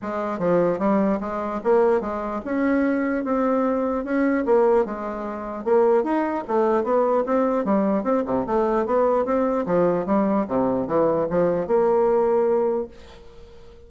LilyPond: \new Staff \with { instrumentName = "bassoon" } { \time 4/4 \tempo 4 = 149 gis4 f4 g4 gis4 | ais4 gis4 cis'2 | c'2 cis'4 ais4 | gis2 ais4 dis'4 |
a4 b4 c'4 g4 | c'8 c8 a4 b4 c'4 | f4 g4 c4 e4 | f4 ais2. | }